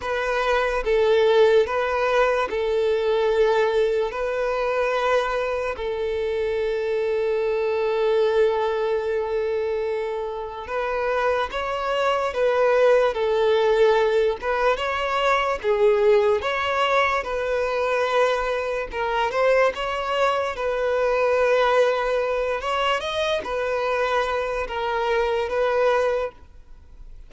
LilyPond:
\new Staff \with { instrumentName = "violin" } { \time 4/4 \tempo 4 = 73 b'4 a'4 b'4 a'4~ | a'4 b'2 a'4~ | a'1~ | a'4 b'4 cis''4 b'4 |
a'4. b'8 cis''4 gis'4 | cis''4 b'2 ais'8 c''8 | cis''4 b'2~ b'8 cis''8 | dis''8 b'4. ais'4 b'4 | }